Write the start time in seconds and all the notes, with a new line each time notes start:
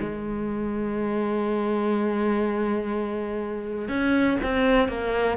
0.00 G#3
3.89 C#4
4.43 C4
4.89 A#3